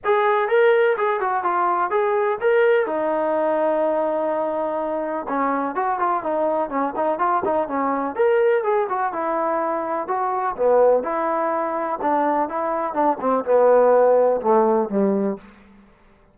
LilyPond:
\new Staff \with { instrumentName = "trombone" } { \time 4/4 \tempo 4 = 125 gis'4 ais'4 gis'8 fis'8 f'4 | gis'4 ais'4 dis'2~ | dis'2. cis'4 | fis'8 f'8 dis'4 cis'8 dis'8 f'8 dis'8 |
cis'4 ais'4 gis'8 fis'8 e'4~ | e'4 fis'4 b4 e'4~ | e'4 d'4 e'4 d'8 c'8 | b2 a4 g4 | }